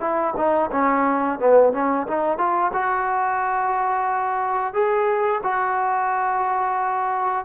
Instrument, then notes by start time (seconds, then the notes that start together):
trombone
0.00 E4
0.36 D#4
0.71 C#4
1.39 B3
1.73 C#4
2.07 D#4
2.37 F4
2.73 F#4
4.73 G#4
5.43 F#4